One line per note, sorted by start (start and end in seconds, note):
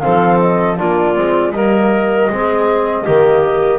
0.00 0.80 F3
0.00 0.77 C4
0.00 0.78 A4
0.00 0.38 F5
0.39 0.77 D#5
0.77 1.18 A#3
0.77 1.15 D4
0.77 1.54 F4
0.77 1.51 D5
1.15 1.52 G#3
1.15 1.53 C4
1.51 2.28 G3
1.51 2.30 A#3
1.51 2.30 A#4
1.51 3.78 D#5
2.30 3.06 G#3
2.30 3.06 C4
2.30 3.03 G#4
3.03 3.78 D#3
3.03 3.78 A#3
3.03 3.78 G4